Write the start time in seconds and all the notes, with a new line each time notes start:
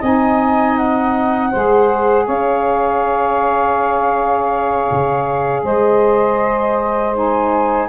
0.00 C4 D#4 D#5 G#5
0.77 F#5
1.51 G#3 G#4 C5
2.26 C#4 C#5 F5
4.91 C#3
5.64 G#3 C5 D#5
7.14 D#4 G#5